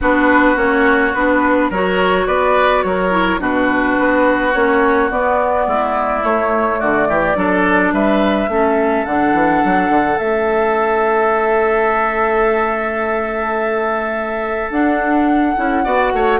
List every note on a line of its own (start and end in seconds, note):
0.01 0.56 B3
0.01 0.55 D4
0.01 1.70 F#4
0.01 0.57 B4
0.55 1.13 A#3
0.55 1.12 C#4
0.55 1.13 C#5
1.13 1.70 B3
1.13 1.73 D4
1.13 1.70 B4
1.70 2.27 F#3
1.70 3.10 F#4
1.70 2.26 A#4
1.70 2.27 C#5
2.27 2.83 B3
2.27 2.83 B4
2.27 2.83 D5
2.83 3.39 F#3
2.83 3.40 A#4
2.83 3.39 C#5
3.10 3.39 E4
3.39 3.96 B2
3.39 4.52 D4
3.39 5.67 F#4
3.39 4.53 B4
3.98 4.54 B3
4.53 5.10 A#3
4.53 5.10 C#4
4.53 5.09 C#5
5.10 6.21 B3
5.10 5.66 B3
5.10 6.23 D5
5.66 6.23 G#3
5.66 6.79 E4
6.21 7.35 A3
6.21 6.79 A3
6.21 6.79 C#5
6.79 7.08 D3
6.79 7.08 F#4
6.79 7.93 D5
7.08 7.35 E3
7.08 7.37 G4
7.35 7.92 F#3
7.35 8.48 D4
7.35 7.93 A4
7.92 8.48 G3
7.92 8.50 B4
7.92 9.05 E5
8.48 9.04 A3
8.48 9.07 C#4
8.48 15.83 A4
9.05 9.32 D3
9.05 10.19 D4
9.05 10.18 F#5
9.32 9.61 E3
9.64 9.89 F#3
9.89 10.17 D3
10.18 14.69 A3
10.18 14.71 C#4
10.18 14.71 E5
14.69 15.54 D4
14.69 15.56 D4
14.69 16.40 F#5
15.56 15.85 C#4
15.56 15.84 E4
15.83 16.12 B3
15.83 16.40 F#4
15.83 16.12 D5
16.12 16.40 A3
16.12 16.40 C#5